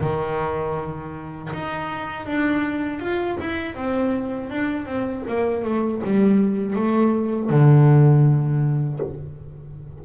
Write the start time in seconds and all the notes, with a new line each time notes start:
0.00 D#3
1.53 D#4
2.26 D4
2.99 F4
3.39 E4
3.75 C4
4.50 D4
4.85 C4
5.27 A#3
5.64 A3
6.03 G3
6.76 A3
7.49 D3